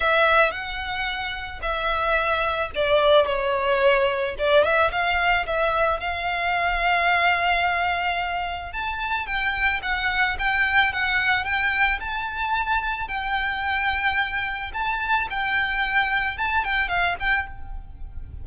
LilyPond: \new Staff \with { instrumentName = "violin" } { \time 4/4 \tempo 4 = 110 e''4 fis''2 e''4~ | e''4 d''4 cis''2 | d''8 e''8 f''4 e''4 f''4~ | f''1 |
a''4 g''4 fis''4 g''4 | fis''4 g''4 a''2 | g''2. a''4 | g''2 a''8 g''8 f''8 g''8 | }